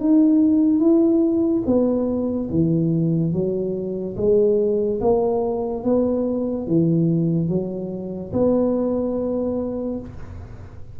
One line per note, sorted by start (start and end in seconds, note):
0.00 0.80 D#4
0.80 1.63 E4
1.66 2.49 B3
2.50 3.33 E3
3.33 4.16 F#3
4.17 5.00 G#3
5.01 5.84 A#3
5.84 6.67 B3
6.67 7.48 E3
7.48 8.32 F#3
8.33 9.99 B3